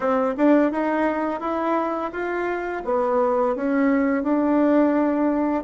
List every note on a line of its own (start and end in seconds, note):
0.00 0.34 C4
0.37 0.71 D4
0.71 1.40 D#4
1.40 2.11 E4
2.12 2.82 F4
2.85 3.55 B3
3.55 4.23 C#4
4.23 5.63 D4